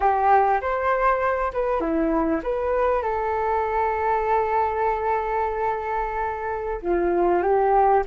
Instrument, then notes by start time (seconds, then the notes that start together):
flute
0.00 G4
0.61 C5
1.53 B4
1.80 E4
2.43 B4
3.02 A4
6.82 F4
7.42 G4